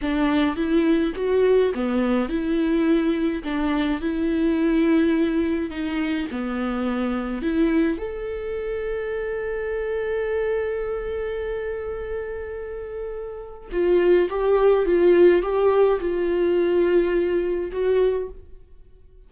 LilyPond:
\new Staff \with { instrumentName = "viola" } { \time 4/4 \tempo 4 = 105 d'4 e'4 fis'4 b4 | e'2 d'4 e'4~ | e'2 dis'4 b4~ | b4 e'4 a'2~ |
a'1~ | a'1 | f'4 g'4 f'4 g'4 | f'2. fis'4 | }